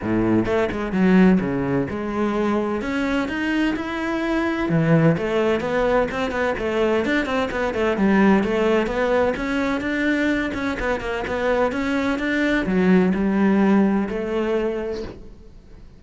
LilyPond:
\new Staff \with { instrumentName = "cello" } { \time 4/4 \tempo 4 = 128 a,4 a8 gis8 fis4 cis4 | gis2 cis'4 dis'4 | e'2 e4 a4 | b4 c'8 b8 a4 d'8 c'8 |
b8 a8 g4 a4 b4 | cis'4 d'4. cis'8 b8 ais8 | b4 cis'4 d'4 fis4 | g2 a2 | }